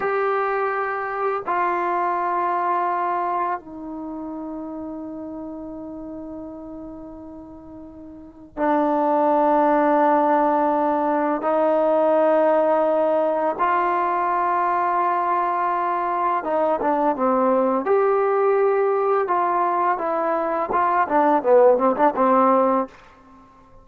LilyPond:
\new Staff \with { instrumentName = "trombone" } { \time 4/4 \tempo 4 = 84 g'2 f'2~ | f'4 dis'2.~ | dis'1 | d'1 |
dis'2. f'4~ | f'2. dis'8 d'8 | c'4 g'2 f'4 | e'4 f'8 d'8 b8 c'16 d'16 c'4 | }